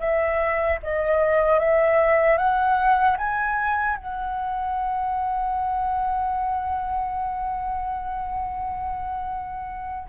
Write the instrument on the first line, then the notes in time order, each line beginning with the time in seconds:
flute
0.00 E5
0.83 D#5
1.60 E5
2.38 F#5
3.18 G#5
3.97 F#5